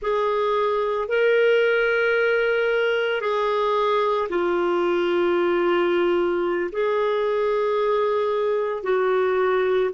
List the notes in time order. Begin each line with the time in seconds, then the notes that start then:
0.01 G#4
1.08 A#4
3.21 G#4
4.29 F4
6.72 G#4
8.83 F#4